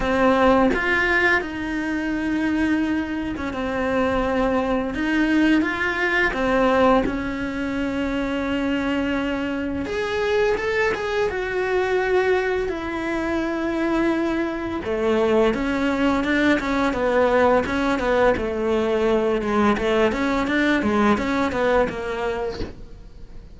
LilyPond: \new Staff \with { instrumentName = "cello" } { \time 4/4 \tempo 4 = 85 c'4 f'4 dis'2~ | dis'8. cis'16 c'2 dis'4 | f'4 c'4 cis'2~ | cis'2 gis'4 a'8 gis'8 |
fis'2 e'2~ | e'4 a4 cis'4 d'8 cis'8 | b4 cis'8 b8 a4. gis8 | a8 cis'8 d'8 gis8 cis'8 b8 ais4 | }